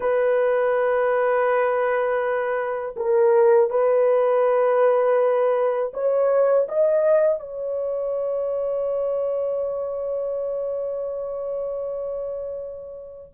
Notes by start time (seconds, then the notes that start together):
0.00 B4
2.96 A#4
3.70 B4
5.93 C#5
6.68 D#5
7.39 C#5